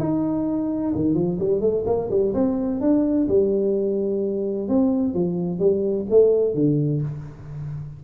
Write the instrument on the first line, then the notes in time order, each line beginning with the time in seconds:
tuba
0.00 D#4
0.96 D#3
1.15 F3
1.40 G3
1.61 A3
1.86 A#3
2.11 G3
2.34 C4
2.81 D4
3.29 G3
4.69 C4
5.14 F3
5.60 G3
6.10 A3
6.55 D3